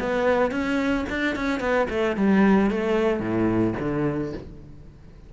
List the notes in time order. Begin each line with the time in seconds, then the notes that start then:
0.00 B3
0.52 C#4
1.10 D4
1.36 C#4
1.61 B3
1.90 A3
2.17 G3
2.71 A3
3.20 A2
3.80 D3